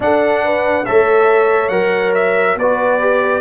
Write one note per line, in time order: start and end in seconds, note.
0.00 0.85 D4
0.00 0.86 D4
0.00 0.44 A4
0.00 0.85 F#5
0.44 0.87 B4
0.85 1.69 A3
0.85 1.71 A4
0.85 2.58 C#5
0.85 1.69 E5
1.69 2.55 F#3
1.69 2.56 A#4
1.69 2.11 F#5
2.14 2.57 E5
2.55 3.40 B3
2.55 3.40 B4
2.55 3.40 D5
2.61 3.00 F#4
3.00 3.40 G4